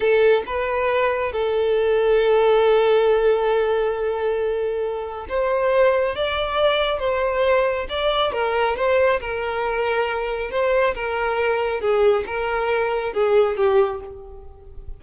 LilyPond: \new Staff \with { instrumentName = "violin" } { \time 4/4 \tempo 4 = 137 a'4 b'2 a'4~ | a'1~ | a'1 | c''2 d''2 |
c''2 d''4 ais'4 | c''4 ais'2. | c''4 ais'2 gis'4 | ais'2 gis'4 g'4 | }